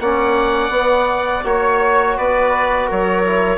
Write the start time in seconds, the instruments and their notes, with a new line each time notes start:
0.00 bassoon A#3, trombone C#4, viola D5, oboe F#5
0.70 bassoon B3, trombone B3
1.44 bassoon A#3, trombone F#4, oboe C#5, viola C#5
2.17 bassoon B3, viola B4, oboe D5
2.87 bassoon F#3, viola A#4, oboe C#5
3.25 trombone E4